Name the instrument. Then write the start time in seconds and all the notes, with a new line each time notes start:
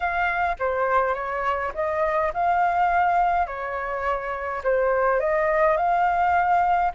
flute
0.00 F5
0.59 C5
1.14 C#5
1.74 D#5
2.33 F5
3.46 C#5
4.63 C5
5.19 D#5
5.76 F5